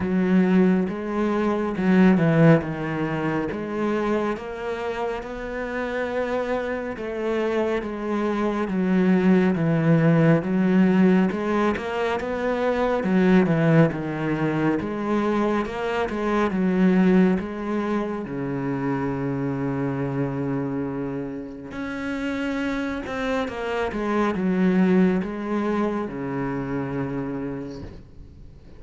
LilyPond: \new Staff \with { instrumentName = "cello" } { \time 4/4 \tempo 4 = 69 fis4 gis4 fis8 e8 dis4 | gis4 ais4 b2 | a4 gis4 fis4 e4 | fis4 gis8 ais8 b4 fis8 e8 |
dis4 gis4 ais8 gis8 fis4 | gis4 cis2.~ | cis4 cis'4. c'8 ais8 gis8 | fis4 gis4 cis2 | }